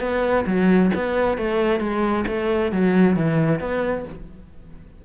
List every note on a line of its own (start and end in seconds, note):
0.00 0.45 B3
0.46 0.91 F#3
0.95 1.38 B3
1.38 1.80 A3
1.80 2.25 G#3
2.27 2.72 A3
2.72 3.16 F#3
3.16 3.60 E3
3.60 4.05 B3